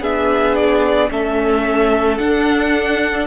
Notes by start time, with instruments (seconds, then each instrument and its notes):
0.00 cello B3, viola D4, violin G#4 E5
0.55 violin D5
1.10 cello A3, viola C#4, violin A4 E5
2.17 viola D4, cello D4, violin F#5